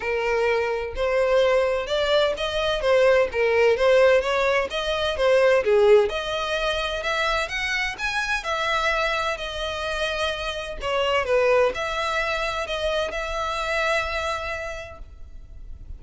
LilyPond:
\new Staff \with { instrumentName = "violin" } { \time 4/4 \tempo 4 = 128 ais'2 c''2 | d''4 dis''4 c''4 ais'4 | c''4 cis''4 dis''4 c''4 | gis'4 dis''2 e''4 |
fis''4 gis''4 e''2 | dis''2. cis''4 | b'4 e''2 dis''4 | e''1 | }